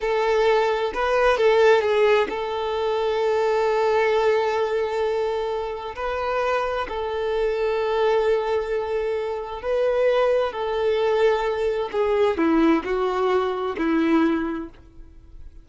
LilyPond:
\new Staff \with { instrumentName = "violin" } { \time 4/4 \tempo 4 = 131 a'2 b'4 a'4 | gis'4 a'2.~ | a'1~ | a'4 b'2 a'4~ |
a'1~ | a'4 b'2 a'4~ | a'2 gis'4 e'4 | fis'2 e'2 | }